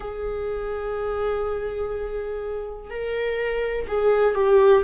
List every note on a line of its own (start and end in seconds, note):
0.00 2.90 G#4
2.90 3.87 A#4
3.87 4.35 G#4
4.35 4.83 G4